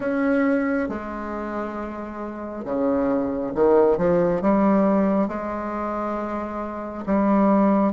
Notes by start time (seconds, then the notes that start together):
0.00 C#4
0.88 G#3
2.64 C#3
3.55 D#3
3.97 F3
4.41 G3
5.28 G#3
7.05 G3